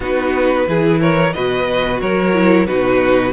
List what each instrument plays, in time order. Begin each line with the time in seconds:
0.00 cello B3, viola D#4, violin F#4 B4
0.67 cello E3, viola E4, violin G#4
1.00 violin A#4 C#5
1.33 cello B2, viola F#4, violin B4 D#5
2.00 cello F#3, violin A#4 C#5
2.33 viola E4
2.66 cello B2, viola D#4, violin F#4 B4